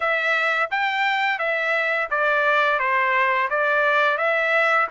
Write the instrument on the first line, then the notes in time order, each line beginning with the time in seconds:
trumpet
0.00 E5
0.70 G5
1.38 E5
2.10 D5
2.79 C5
3.49 D5
4.17 E5